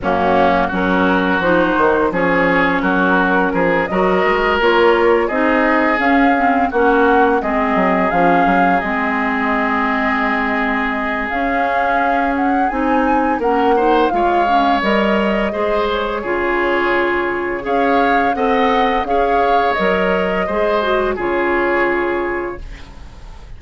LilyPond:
<<
  \new Staff \with { instrumentName = "flute" } { \time 4/4 \tempo 4 = 85 fis'4 ais'4 c''4 cis''4 | ais'4. dis''4 cis''4 dis''8~ | dis''8 f''4 fis''4 dis''4 f''8~ | f''8 dis''2.~ dis''8 |
f''4. fis''8 gis''4 fis''4 | f''4 dis''4. cis''4.~ | cis''4 f''4 fis''4 f''4 | dis''2 cis''2 | }
  \new Staff \with { instrumentName = "oboe" } { \time 4/4 cis'4 fis'2 gis'4 | fis'4 gis'8 ais'2 gis'8~ | gis'4. fis'4 gis'4.~ | gis'1~ |
gis'2. ais'8 c''8 | cis''2 c''4 gis'4~ | gis'4 cis''4 dis''4 cis''4~ | cis''4 c''4 gis'2 | }
  \new Staff \with { instrumentName = "clarinet" } { \time 4/4 ais4 cis'4 dis'4 cis'4~ | cis'4. fis'4 f'4 dis'8~ | dis'8 cis'8 c'8 cis'4 c'4 cis'8~ | cis'8 c'2.~ c'8 |
cis'2 dis'4 cis'8 dis'8 | f'8 cis'8 ais'4 gis'4 f'4~ | f'4 gis'4 a'4 gis'4 | ais'4 gis'8 fis'8 f'2 | }
  \new Staff \with { instrumentName = "bassoon" } { \time 4/4 fis,4 fis4 f8 dis8 f4 | fis4 f8 fis8 gis8 ais4 c'8~ | c'8 cis'4 ais4 gis8 fis8 f8 | fis8 gis2.~ gis8 |
cis'2 c'4 ais4 | gis4 g4 gis4 cis4~ | cis4 cis'4 c'4 cis'4 | fis4 gis4 cis2 | }
>>